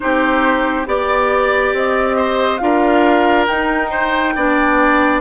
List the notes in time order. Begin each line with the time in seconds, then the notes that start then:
0.00 C4 D#4 G4 C5
0.86 B3 G4 D5
1.73 C4 D#5
2.16 C5
2.57 D4 F4 A#4 F5
3.47 D#4 G5
3.90 C5
4.35 B3 D4 D5